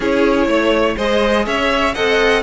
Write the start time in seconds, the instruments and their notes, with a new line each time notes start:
0.00 cello C#4, viola E4, violin G#4 C#5
0.47 cello A3, violin C#5
0.96 cello G#3, viola G#4, violin C5 D#5
1.45 cello C#4, violin C#5 E5
1.94 cello C4, viola A4, violin D#5 F#5